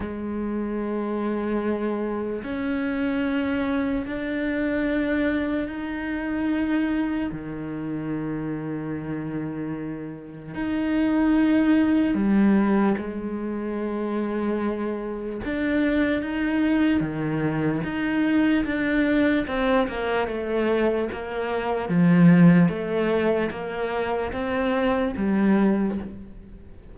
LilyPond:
\new Staff \with { instrumentName = "cello" } { \time 4/4 \tempo 4 = 74 gis2. cis'4~ | cis'4 d'2 dis'4~ | dis'4 dis2.~ | dis4 dis'2 g4 |
gis2. d'4 | dis'4 dis4 dis'4 d'4 | c'8 ais8 a4 ais4 f4 | a4 ais4 c'4 g4 | }